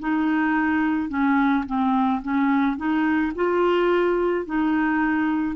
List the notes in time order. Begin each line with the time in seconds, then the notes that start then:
0.00 D#4
1.09 C#4
1.67 C4
2.23 C#4
2.77 D#4
3.36 F4
4.46 D#4